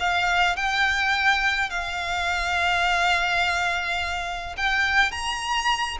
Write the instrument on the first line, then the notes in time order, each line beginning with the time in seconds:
violin
0.00 F5
0.57 G5
1.70 F5
4.57 G5
5.12 A#5